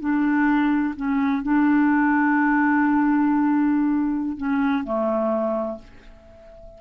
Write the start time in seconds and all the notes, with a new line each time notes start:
0.00 D4
0.96 C#4
1.43 D4
4.37 C#4
4.84 A3